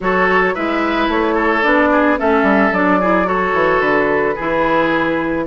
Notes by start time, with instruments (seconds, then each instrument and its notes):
0.00 bassoon F#3, clarinet F#4, oboe A4, flute C#5
0.54 bassoon G#3, clarinet E4, oboe B4, flute E5
1.08 bassoon A3, flute C#5
1.34 oboe A4
1.62 bassoon B3, clarinet D4, flute D5
1.91 oboe G#4
2.17 bassoon A3, clarinet C#4, oboe A4, flute E5
2.42 bassoon G3
2.71 bassoon F#3, clarinet D4, flute D5
3.00 clarinet E4, oboe G#4
3.24 clarinet F#4, oboe A4, flute C#5
3.53 bassoon E3
3.80 bassoon D3, flute B4
4.35 bassoon E3, clarinet E4, oboe G#4